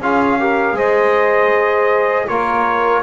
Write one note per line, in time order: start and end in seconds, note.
0.00 0.73 C#4
0.00 0.40 F4
0.00 0.38 G#4
0.00 0.78 F5
0.40 0.75 G4
0.40 0.76 A#4
0.73 2.25 G#3
0.73 2.27 G#4
0.73 2.26 C5
0.73 2.28 D#5
2.26 3.03 A#3
2.26 3.03 F4
2.26 3.02 A#4
2.26 3.03 C#5